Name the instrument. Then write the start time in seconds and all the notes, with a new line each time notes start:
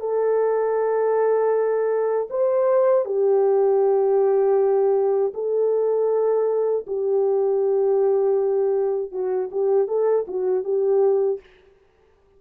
horn
0.00 A4
2.30 C5
3.05 G4
5.34 A4
6.87 G4
9.12 F#4
9.52 G4
9.88 A4
10.28 F#4
10.64 G4